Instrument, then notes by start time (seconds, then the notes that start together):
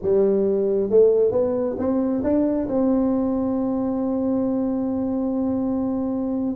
tuba
0.02 G3
0.89 A3
1.31 B3
1.78 C4
2.23 D4
2.68 C4